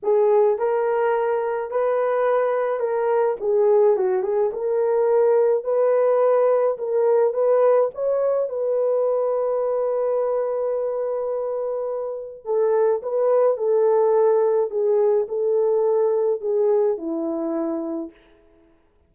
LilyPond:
\new Staff \with { instrumentName = "horn" } { \time 4/4 \tempo 4 = 106 gis'4 ais'2 b'4~ | b'4 ais'4 gis'4 fis'8 gis'8 | ais'2 b'2 | ais'4 b'4 cis''4 b'4~ |
b'1~ | b'2 a'4 b'4 | a'2 gis'4 a'4~ | a'4 gis'4 e'2 | }